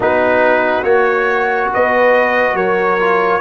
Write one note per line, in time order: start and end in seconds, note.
0.00 0.83 B3
0.00 0.84 D#4
0.00 1.71 F#4
0.00 0.83 B4
0.83 1.69 A#3
0.83 2.98 F#4
0.83 1.69 C#5
1.73 2.53 B3
1.73 2.55 B4
1.73 2.56 D#5
2.53 3.39 F#3
2.53 3.41 A#4
2.53 3.41 C#5
2.99 3.41 F4